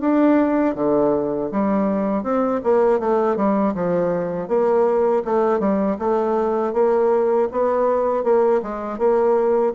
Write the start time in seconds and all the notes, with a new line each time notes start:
0.00 D4
0.74 D3
1.51 G3
2.23 C4
2.63 A#3
2.99 A3
3.36 G3
3.74 F3
4.47 A#3
5.24 A3
5.59 G3
5.98 A3
6.73 A#3
7.51 B3
8.23 A#3
8.62 G#3
8.98 A#3